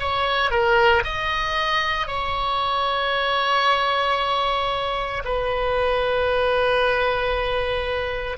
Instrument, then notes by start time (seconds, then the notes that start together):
oboe
0.00 C#5
0.51 A#4
1.04 D#5
2.08 C#5
5.25 B4